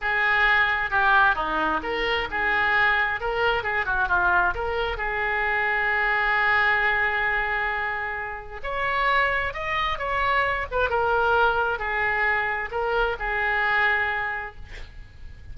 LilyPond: \new Staff \with { instrumentName = "oboe" } { \time 4/4 \tempo 4 = 132 gis'2 g'4 dis'4 | ais'4 gis'2 ais'4 | gis'8 fis'8 f'4 ais'4 gis'4~ | gis'1~ |
gis'2. cis''4~ | cis''4 dis''4 cis''4. b'8 | ais'2 gis'2 | ais'4 gis'2. | }